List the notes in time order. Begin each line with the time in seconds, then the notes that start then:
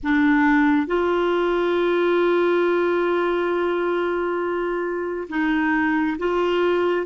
0.03 D4
0.86 F4
5.29 D#4
6.18 F4